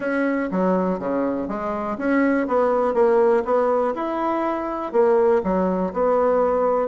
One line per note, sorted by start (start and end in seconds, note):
0.00 0.49 C#4
0.51 0.99 F#3
0.99 1.48 C#3
1.48 1.97 G#3
1.98 2.47 C#4
2.47 2.94 B3
2.94 3.43 A#3
3.44 3.94 B3
3.95 4.92 E4
4.92 5.41 A#3
5.43 5.92 F#3
5.93 6.88 B3